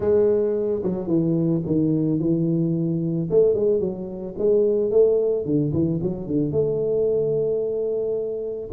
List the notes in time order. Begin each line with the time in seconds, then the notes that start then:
0.00 G#3
0.83 F#3
1.07 E3
1.66 D#3
2.19 E3
3.30 A3
3.54 G#3
3.80 F#3
4.38 G#3
4.91 A3
5.45 D3
5.72 E3
6.02 F#3
6.26 D3
6.51 A3